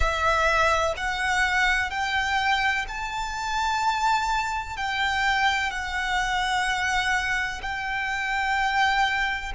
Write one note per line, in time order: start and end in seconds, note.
0.00 0.94 E5
0.97 1.90 F#5
1.90 2.85 G5
2.87 4.77 A5
4.77 5.70 G5
5.70 7.61 F#5
7.62 9.52 G5